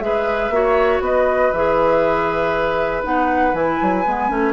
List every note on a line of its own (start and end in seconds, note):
0.00 0.50 G#3
0.00 0.52 G#4
0.00 0.55 B4
0.00 1.01 E5
0.50 1.00 A#3
0.50 1.54 F#4
0.50 1.04 C#5
1.00 1.51 B3
1.00 4.53 B4
1.00 1.52 D#5
1.52 3.04 E3
1.52 3.04 G#4
1.52 3.04 E5
3.04 3.54 B3
3.04 3.54 D#4
3.04 3.55 F#5
3.54 3.79 E3
3.54 4.04 E4
3.54 4.53 G#5
3.82 4.06 F#3
4.06 4.31 G#3
4.06 4.30 B3
4.30 4.53 A3
4.30 4.53 C#4